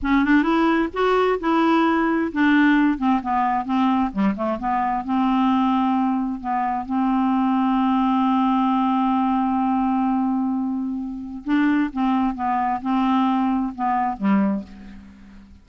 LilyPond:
\new Staff \with { instrumentName = "clarinet" } { \time 4/4 \tempo 4 = 131 cis'8 d'8 e'4 fis'4 e'4~ | e'4 d'4. c'8 b4 | c'4 g8 a8 b4 c'4~ | c'2 b4 c'4~ |
c'1~ | c'1~ | c'4 d'4 c'4 b4 | c'2 b4 g4 | }